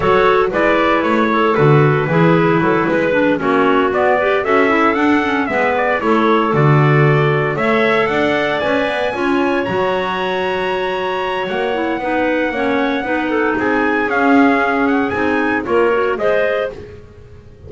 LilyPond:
<<
  \new Staff \with { instrumentName = "trumpet" } { \time 4/4 \tempo 4 = 115 cis''4 d''4 cis''4 b'4~ | b'2~ b'8 cis''4 d''8~ | d''8 e''4 fis''4 e''8 d''8 cis''8~ | cis''8 d''2 e''4 fis''8~ |
fis''8 gis''2 ais''4.~ | ais''2 fis''2~ | fis''2 gis''4 f''4~ | f''8 fis''8 gis''4 cis''4 dis''4 | }
  \new Staff \with { instrumentName = "clarinet" } { \time 4/4 a'4 b'4. a'4. | gis'4 a'8 b'4 fis'4. | b'8 a'2 b'4 a'8~ | a'2~ a'8 cis''4 d''8~ |
d''4. cis''2~ cis''8~ | cis''2. b'4 | cis''4 b'8 a'8 gis'2~ | gis'2 ais'4 c''4 | }
  \new Staff \with { instrumentName = "clarinet" } { \time 4/4 fis'4 e'2 fis'4 | e'2 d'8 cis'4 b8 | g'8 fis'8 e'8 d'8 cis'8 b4 e'8~ | e'8 fis'2 a'4.~ |
a'8 b'4 f'4 fis'4.~ | fis'2~ fis'8 e'8 dis'4 | cis'4 dis'2 cis'4~ | cis'4 dis'4 f'8 fis'8 gis'4 | }
  \new Staff \with { instrumentName = "double bass" } { \time 4/4 fis4 gis4 a4 d4 | e4 fis8 gis4 ais4 b8~ | b8 cis'4 d'4 gis4 a8~ | a8 d2 a4 d'8~ |
d'8 cis'8 b8 cis'4 fis4.~ | fis2 ais4 b4 | ais4 b4 c'4 cis'4~ | cis'4 c'4 ais4 gis4 | }
>>